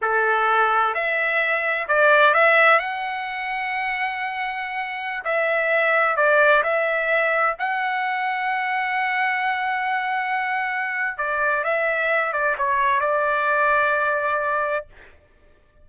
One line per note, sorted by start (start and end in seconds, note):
0.01 0.94 A4
0.94 1.87 E5
1.88 2.33 D5
2.33 2.79 E5
2.79 5.23 F#5
5.24 6.16 E5
6.16 6.62 D5
6.63 7.56 E5
7.58 11.17 F#5
11.17 11.63 D5
11.63 12.32 E5
12.32 12.56 D5
12.58 13.00 C#5
13.00 14.86 D5